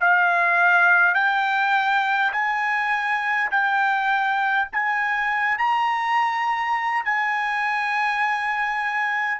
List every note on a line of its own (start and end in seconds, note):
0.00 1.14 F5
1.14 2.32 G5
2.32 3.50 G#5
3.50 4.68 G5
4.72 5.57 G#5
5.57 7.04 A#5
7.04 9.40 G#5